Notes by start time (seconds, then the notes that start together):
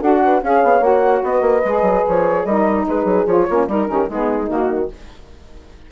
0.00 D4 F#4 A4 F#5
0.24 B4
0.43 C#4 G#4 C#5 F5
0.64 B3
0.81 A#3 F#4 F#5
1.23 B3 B4 D#5
1.41 A#3
1.65 G#3 G#4
1.82 F#3
2.07 F3 C#5
2.45 G3 D#4 A#4 D#5
2.87 G#3 G#4 B4
3.05 F#3
3.27 F3 F4 C#5
3.47 A#3 C#4 F4
3.68 G3 D#4 A#4
3.88 D#3 C#4 G4
4.08 G#3 B3 D#4 G#4
4.47 D#3 A#3 F#4